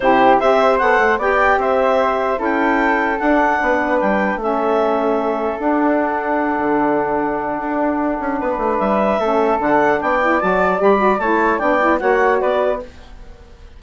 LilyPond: <<
  \new Staff \with { instrumentName = "clarinet" } { \time 4/4 \tempo 4 = 150 c''4 e''4 fis''4 g''4 | e''2 g''2 | fis''2 g''4 e''4~ | e''2 fis''2~ |
fis''1~ | fis''2 e''2 | fis''4 g''4 a''4 b''4 | a''4 g''4 fis''4 d''4 | }
  \new Staff \with { instrumentName = "flute" } { \time 4/4 g'4 c''2 d''4 | c''2 a'2~ | a'4 b'2 a'4~ | a'1~ |
a'1~ | a'4 b'2 a'4~ | a'4 d''2. | cis''4 d''4 cis''4 b'4 | }
  \new Staff \with { instrumentName = "saxophone" } { \time 4/4 e'4 g'4 a'4 g'4~ | g'2 e'2 | d'2. cis'4~ | cis'2 d'2~ |
d'1~ | d'2. cis'4 | d'4. e'8 fis'4 g'8 fis'8 | e'4 d'8 e'8 fis'2 | }
  \new Staff \with { instrumentName = "bassoon" } { \time 4/4 c4 c'4 b8 a8 b4 | c'2 cis'2 | d'4 b4 g4 a4~ | a2 d'2~ |
d'8 d2~ d8 d'4~ | d'8 cis'8 b8 a8 g4 a4 | d4 b4 fis4 g4 | a4 b4 ais4 b4 | }
>>